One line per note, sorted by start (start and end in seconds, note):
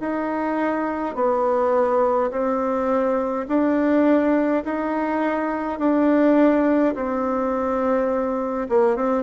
0.00 1.15 D#4
1.15 2.30 B3
2.31 3.46 C4
3.48 4.63 D4
4.64 5.78 D#4
5.78 6.94 D4
6.94 8.67 C4
8.69 8.96 A#3
8.96 9.23 C4